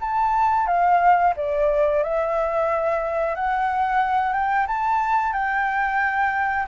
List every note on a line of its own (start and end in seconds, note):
0.00 0.66 A5
0.66 1.33 F5
1.36 2.03 D5
2.03 3.35 E5
3.35 4.33 F#5
4.33 4.66 G5
4.67 5.32 A5
5.32 6.66 G5